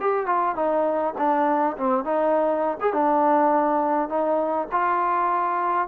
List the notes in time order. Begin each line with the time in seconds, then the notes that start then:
0.00 G4
0.26 F4
0.55 D#4
1.18 D4
1.77 C4
2.04 D#4
2.81 G#4
2.93 D4
4.09 D#4
4.72 F4